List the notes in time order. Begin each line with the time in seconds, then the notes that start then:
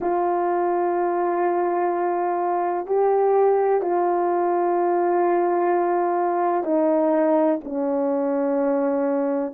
0.00 F4
2.86 G4
3.81 F4
6.63 D#4
7.64 C#4